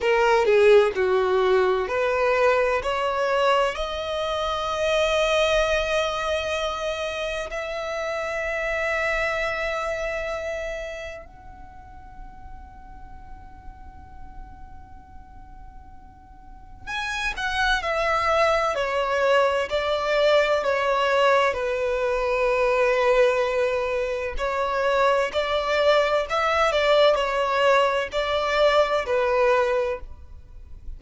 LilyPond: \new Staff \with { instrumentName = "violin" } { \time 4/4 \tempo 4 = 64 ais'8 gis'8 fis'4 b'4 cis''4 | dis''1 | e''1 | fis''1~ |
fis''2 gis''8 fis''8 e''4 | cis''4 d''4 cis''4 b'4~ | b'2 cis''4 d''4 | e''8 d''8 cis''4 d''4 b'4 | }